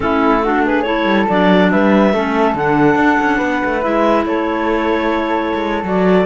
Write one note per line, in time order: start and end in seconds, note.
0.00 1.04 A3
0.00 0.41 C#4
0.00 0.43 E4
0.00 0.63 A4
0.43 0.84 D4
0.43 0.64 F#4
0.65 0.85 G#4
0.65 0.82 B4
0.82 1.26 E4
0.82 1.70 A4
0.82 1.25 C#5
1.04 1.25 G3
1.28 1.72 F#3
1.28 2.13 D4
1.28 1.70 D5
1.70 2.13 G3
1.70 2.13 B4
1.70 2.55 E5
2.13 2.54 A3
2.13 2.56 C#4
2.13 3.37 A4
2.54 2.95 D3
2.54 3.82 D4
2.54 3.82 F#5
2.95 3.17 D4
3.20 3.41 C#4
3.37 3.62 B3
3.37 4.22 B4
3.64 3.85 A3
3.82 4.25 G#3
3.82 5.83 E4
3.82 4.24 E5
4.25 5.52 A3
4.25 6.26 A4
4.25 5.85 C#5
5.54 5.83 G#3
5.83 6.25 F#3
5.83 6.26 F#4
5.83 6.26 D5